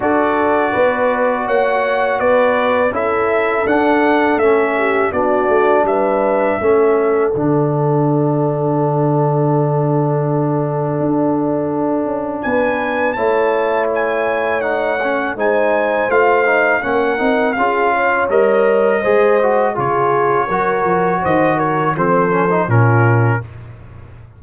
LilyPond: <<
  \new Staff \with { instrumentName = "trumpet" } { \time 4/4 \tempo 4 = 82 d''2 fis''4 d''4 | e''4 fis''4 e''4 d''4 | e''2 fis''2~ | fis''1~ |
fis''4 gis''4 a''4 gis''4 | fis''4 gis''4 f''4 fis''4 | f''4 dis''2 cis''4~ | cis''4 dis''8 cis''8 c''4 ais'4 | }
  \new Staff \with { instrumentName = "horn" } { \time 4/4 a'4 b'4 cis''4 b'4 | a'2~ a'8 g'8 fis'4 | b'4 a'2.~ | a'1~ |
a'4 b'4 cis''2~ | cis''4 c''2 ais'4 | gis'8 cis''4. c''4 gis'4 | ais'4 c''8 ais'8 a'4 f'4 | }
  \new Staff \with { instrumentName = "trombone" } { \time 4/4 fis'1 | e'4 d'4 cis'4 d'4~ | d'4 cis'4 d'2~ | d'1~ |
d'2 e'2 | dis'8 cis'8 dis'4 f'8 dis'8 cis'8 dis'8 | f'4 ais'4 gis'8 fis'8 f'4 | fis'2 c'8 cis'16 dis'16 cis'4 | }
  \new Staff \with { instrumentName = "tuba" } { \time 4/4 d'4 b4 ais4 b4 | cis'4 d'4 a4 b8 a8 | g4 a4 d2~ | d2. d'4~ |
d'8 cis'8 b4 a2~ | a4 gis4 a4 ais8 c'8 | cis'4 g4 gis4 cis4 | fis8 f8 dis4 f4 ais,4 | }
>>